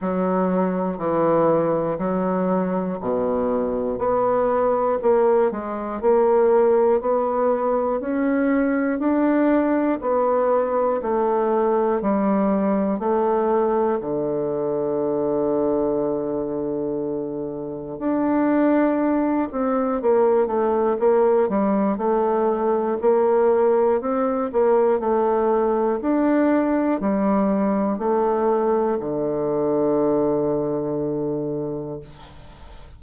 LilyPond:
\new Staff \with { instrumentName = "bassoon" } { \time 4/4 \tempo 4 = 60 fis4 e4 fis4 b,4 | b4 ais8 gis8 ais4 b4 | cis'4 d'4 b4 a4 | g4 a4 d2~ |
d2 d'4. c'8 | ais8 a8 ais8 g8 a4 ais4 | c'8 ais8 a4 d'4 g4 | a4 d2. | }